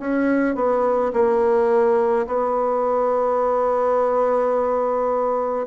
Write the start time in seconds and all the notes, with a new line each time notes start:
0.00 C#4
0.56 B3
1.14 A#3
2.27 B3